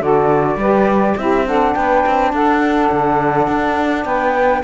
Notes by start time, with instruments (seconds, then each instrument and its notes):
0.00 cello D3, saxophone F#4 A4, flute D5
0.56 cello G3, saxophone G4 B4
1.17 cello C4, saxophone E4 G4, flute E5
1.45 saxophone D4 A4, flute F#5
1.74 cello B3, saxophone B4, flute G5
2.06 cello C4
2.33 cello D4, saxophone A4, flute F#5
2.91 cello D3
3.47 cello D4
4.05 cello B3, saxophone B4, flute G5